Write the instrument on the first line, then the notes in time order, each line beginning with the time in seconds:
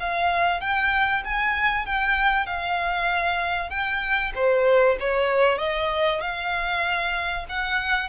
violin
0.00 F5
0.61 G5
1.25 G#5
1.86 G5
2.47 F5
3.70 G5
4.35 C5
5.00 C#5
5.59 D#5
6.21 F5
7.49 F#5